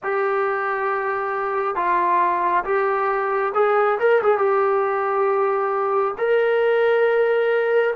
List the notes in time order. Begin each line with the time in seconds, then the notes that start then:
0.03 G4
1.75 F4
2.64 G4
3.54 G#4
3.99 A#4
4.22 G#4
4.38 G4
6.18 A#4